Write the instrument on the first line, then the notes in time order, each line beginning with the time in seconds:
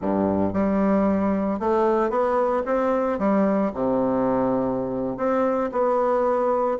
bassoon
0.01 G2
0.53 G3
1.59 A3
2.09 B3
2.65 C4
3.18 G3
3.74 C3
5.17 C4
5.72 B3